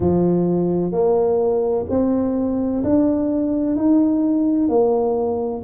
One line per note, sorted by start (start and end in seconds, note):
0.00 0.92 F3
0.92 1.85 A#3
1.89 2.83 C4
2.83 3.75 D4
3.75 4.69 D#4
4.69 5.62 A#3